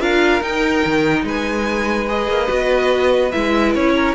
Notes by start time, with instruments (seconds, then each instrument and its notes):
0.00 cello D4, viola F4, violin A#4 F5
0.41 viola D#4, cello D#4, violin G5
0.85 cello D#3
1.24 cello G#3, violin B4 G#5
2.08 viola G#4, violin D#5
2.27 cello A#3
2.47 cello B3, viola F#4
3.31 cello G#3, viola E4, violin E5
3.74 cello C#4, violin C#5
3.95 violin A#4